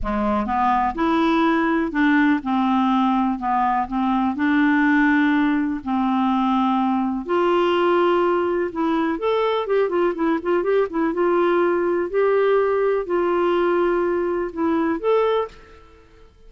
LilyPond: \new Staff \with { instrumentName = "clarinet" } { \time 4/4 \tempo 4 = 124 gis4 b4 e'2 | d'4 c'2 b4 | c'4 d'2. | c'2. f'4~ |
f'2 e'4 a'4 | g'8 f'8 e'8 f'8 g'8 e'8 f'4~ | f'4 g'2 f'4~ | f'2 e'4 a'4 | }